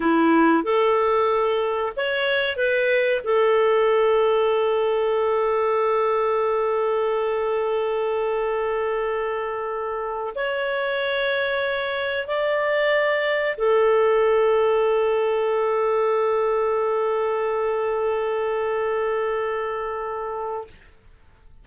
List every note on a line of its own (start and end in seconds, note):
0.00 0.63 E4
0.63 1.92 A4
1.96 2.56 C#5
2.56 3.21 B4
3.23 10.33 A4
10.35 12.27 C#5
12.27 13.56 D5
13.57 20.67 A4